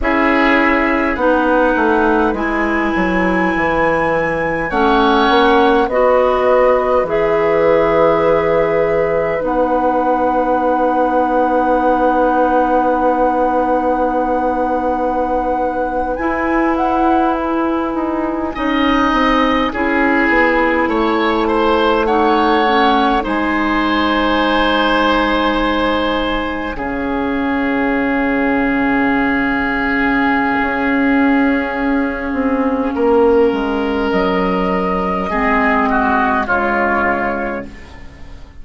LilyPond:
<<
  \new Staff \with { instrumentName = "flute" } { \time 4/4 \tempo 4 = 51 e''4 fis''4 gis''2 | fis''4 dis''4 e''2 | fis''1~ | fis''4.~ fis''16 gis''8 fis''8 gis''4~ gis''16~ |
gis''2~ gis''8. fis''4 gis''16~ | gis''2~ gis''8. f''4~ f''16~ | f''1~ | f''4 dis''2 cis''4 | }
  \new Staff \with { instrumentName = "oboe" } { \time 4/4 gis'4 b'2. | cis''4 b'2.~ | b'1~ | b'2.~ b'8. dis''16~ |
dis''8. gis'4 cis''8 c''8 cis''4 c''16~ | c''2~ c''8. gis'4~ gis'16~ | gis'1 | ais'2 gis'8 fis'8 f'4 | }
  \new Staff \with { instrumentName = "clarinet" } { \time 4/4 e'4 dis'4 e'2 | cis'4 fis'4 gis'2 | dis'1~ | dis'4.~ dis'16 e'2 dis'16~ |
dis'8. e'2 dis'8 cis'8 dis'16~ | dis'2~ dis'8. cis'4~ cis'16~ | cis'1~ | cis'2 c'4 gis4 | }
  \new Staff \with { instrumentName = "bassoon" } { \time 4/4 cis'4 b8 a8 gis8 fis8 e4 | a8 ais8 b4 e2 | b1~ | b4.~ b16 e'4. dis'8 cis'16~ |
cis'16 c'8 cis'8 b8 a2 gis16~ | gis2~ gis8. cis4~ cis16~ | cis2 cis'4. c'8 | ais8 gis8 fis4 gis4 cis4 | }
>>